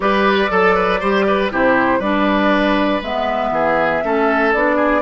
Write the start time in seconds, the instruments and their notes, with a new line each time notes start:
0.00 bassoon G3, clarinet G4, oboe B4, flute D5
0.50 bassoon F#3, oboe A4, clarinet A4
0.75 oboe B4
1.00 bassoon G3, clarinet G4, oboe C5
1.27 oboe B4
1.50 bassoon C3, clarinet E4, oboe G4, flute C5
1.99 bassoon G3, clarinet D4, oboe B4, flute D5
3.01 bassoon G#3, clarinet B3, flute E5
3.50 bassoon E3, oboe G#4
4.03 bassoon A3, clarinet C#4, oboe A4
4.53 bassoon B3, clarinet D4, flute D5
4.75 oboe G#4